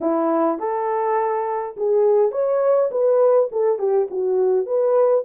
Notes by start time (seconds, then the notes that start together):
0.00 E4
0.59 A4
1.76 G#4
2.31 C#5
2.91 B4
3.51 A4
3.78 G4
4.10 F#4
4.66 B4